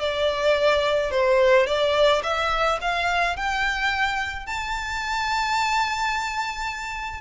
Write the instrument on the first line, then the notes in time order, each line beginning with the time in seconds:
violin
0.00 D5
1.11 C5
1.67 D5
2.23 E5
2.82 F5
3.37 G5
4.47 A5